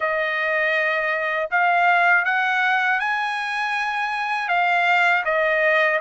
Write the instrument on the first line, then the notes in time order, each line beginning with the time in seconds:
trumpet
0.00 D#5
1.50 F5
2.24 F#5
2.99 G#5
4.48 F5
5.24 D#5